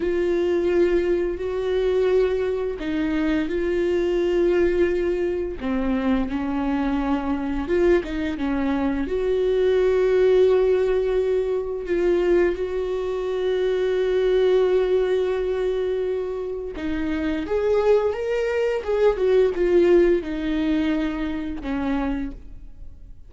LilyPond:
\new Staff \with { instrumentName = "viola" } { \time 4/4 \tempo 4 = 86 f'2 fis'2 | dis'4 f'2. | c'4 cis'2 f'8 dis'8 | cis'4 fis'2.~ |
fis'4 f'4 fis'2~ | fis'1 | dis'4 gis'4 ais'4 gis'8 fis'8 | f'4 dis'2 cis'4 | }